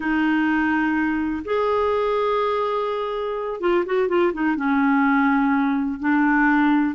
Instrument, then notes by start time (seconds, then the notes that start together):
clarinet
0.00 D#4
1.44 G#4
3.60 F4
3.85 F#4
4.08 F4
4.33 D#4
4.56 C#4
5.99 D4